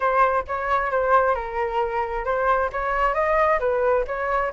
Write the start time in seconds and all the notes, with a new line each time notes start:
0.00 C5
0.47 C#5
0.91 C5
1.35 A#4
2.25 C5
2.72 C#5
3.14 D#5
3.59 B4
4.07 C#5